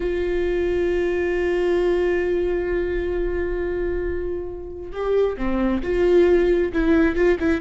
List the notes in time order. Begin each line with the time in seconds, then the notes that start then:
0.00 F4
4.91 G4
5.37 C4
5.82 F4
6.72 E4
7.15 F4
7.39 E4